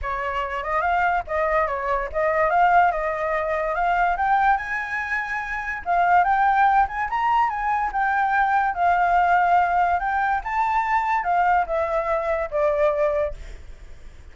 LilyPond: \new Staff \with { instrumentName = "flute" } { \time 4/4 \tempo 4 = 144 cis''4. dis''8 f''4 dis''4 | cis''4 dis''4 f''4 dis''4~ | dis''4 f''4 g''4 gis''4~ | gis''2 f''4 g''4~ |
g''8 gis''8 ais''4 gis''4 g''4~ | g''4 f''2. | g''4 a''2 f''4 | e''2 d''2 | }